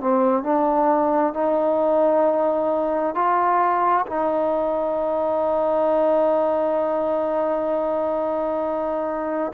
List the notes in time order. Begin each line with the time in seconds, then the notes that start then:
0.00 C4
0.43 D4
1.33 D#4
3.14 F4
4.06 D#4